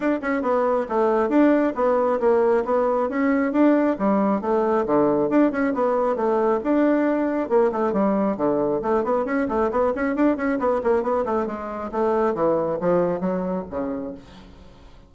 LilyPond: \new Staff \with { instrumentName = "bassoon" } { \time 4/4 \tempo 4 = 136 d'8 cis'8 b4 a4 d'4 | b4 ais4 b4 cis'4 | d'4 g4 a4 d4 | d'8 cis'8 b4 a4 d'4~ |
d'4 ais8 a8 g4 d4 | a8 b8 cis'8 a8 b8 cis'8 d'8 cis'8 | b8 ais8 b8 a8 gis4 a4 | e4 f4 fis4 cis4 | }